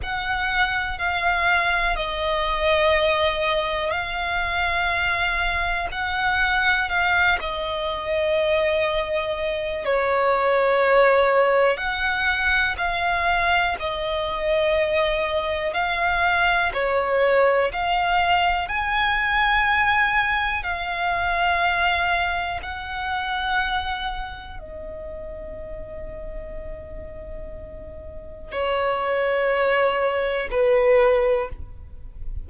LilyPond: \new Staff \with { instrumentName = "violin" } { \time 4/4 \tempo 4 = 61 fis''4 f''4 dis''2 | f''2 fis''4 f''8 dis''8~ | dis''2 cis''2 | fis''4 f''4 dis''2 |
f''4 cis''4 f''4 gis''4~ | gis''4 f''2 fis''4~ | fis''4 dis''2.~ | dis''4 cis''2 b'4 | }